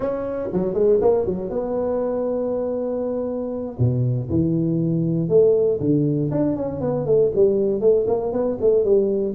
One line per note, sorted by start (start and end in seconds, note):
0.00 0.49 C#4
0.52 0.74 F#3
0.74 0.99 G#3
1.01 1.25 A#3
1.25 1.50 F#3
1.50 3.77 B3
3.78 4.29 B2
4.29 5.28 E3
5.28 5.79 A3
5.79 6.30 D3
6.31 6.56 D4
6.56 6.80 C#4
6.80 7.05 B3
7.05 7.31 A3
7.35 7.80 G3
7.80 8.06 A3
8.07 8.32 A#3
8.32 8.57 B3
8.60 8.84 A3
8.84 9.34 G3